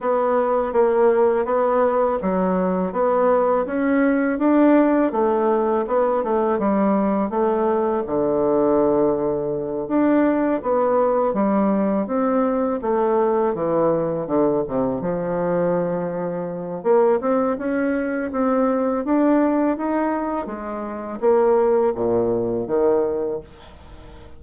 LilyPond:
\new Staff \with { instrumentName = "bassoon" } { \time 4/4 \tempo 4 = 82 b4 ais4 b4 fis4 | b4 cis'4 d'4 a4 | b8 a8 g4 a4 d4~ | d4. d'4 b4 g8~ |
g8 c'4 a4 e4 d8 | c8 f2~ f8 ais8 c'8 | cis'4 c'4 d'4 dis'4 | gis4 ais4 ais,4 dis4 | }